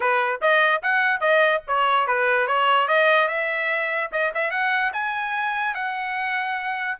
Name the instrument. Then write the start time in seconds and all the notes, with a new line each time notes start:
trumpet
0.00 B4
0.41 D#5
0.82 F#5
1.20 D#5
1.67 C#5
2.07 B4
2.47 C#5
2.88 D#5
3.28 E5
4.12 D#5
4.34 E5
4.50 F#5
4.93 G#5
5.74 F#5